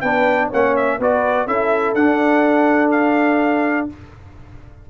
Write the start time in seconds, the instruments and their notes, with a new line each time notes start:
0.00 tuba B3, trombone D4, horn B4, trumpet G5
0.48 tuba A#3, trombone C#4, horn C#5, trumpet F#5
0.76 trumpet E5
0.99 tuba B3, trombone F#4, horn B4, trumpet D5
1.47 tuba C#4, trombone E4, horn A4, trumpet E5
1.94 tuba D4, trombone D4, trumpet F#5
2.91 trumpet F5